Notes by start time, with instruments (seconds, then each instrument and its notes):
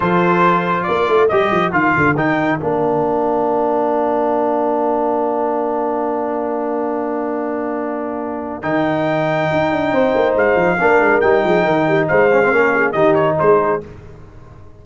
0.00 tuba F3, trombone F4, horn A4, trumpet C5
0.83 tuba A#3, horn A#4, trumpet D5
1.08 tuba A3
1.28 tuba G3, trombone G4, trumpet D#5
1.51 tuba F3
1.72 tuba D#3, trombone F4, trumpet F5
1.96 tuba D3
2.15 tuba D#3, trombone D#4, trumpet G5
2.59 tuba A#3, trombone D4, trumpet F5
8.62 tuba D#3, trombone D#4, trumpet G5
9.52 tuba D#4
9.71 tuba D4
9.91 tuba C4, horn C5
10.14 tuba A#3
10.35 tuba G#3, trumpet F5
10.55 tuba F3
10.80 tuba A#3, trombone D4, horn A#4
11.00 tuba G#3
11.20 tuba G3, trombone D#4, trumpet G5
11.44 tuba F3, horn G#4
11.64 tuba D#3, horn A#4
11.88 horn G4
12.08 tuba G#3, horn C5, trumpet F5
12.31 trombone C#4
12.42 trombone C4
12.51 tuba A#3, trombone C#4, horn A#4
12.73 horn G#4
12.92 tuba D#3, trombone D#4, horn G4, trumpet D#5
13.14 trumpet C#5
13.39 tuba G#3, horn G#4, trumpet C5